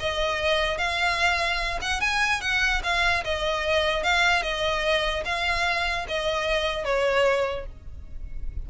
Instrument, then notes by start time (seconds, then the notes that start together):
violin
0.00 D#5
0.79 F5
1.82 F#5
2.01 G#5
2.42 F#5
2.84 F5
3.25 D#5
4.04 F5
4.43 D#5
5.26 F5
6.09 D#5
6.85 C#5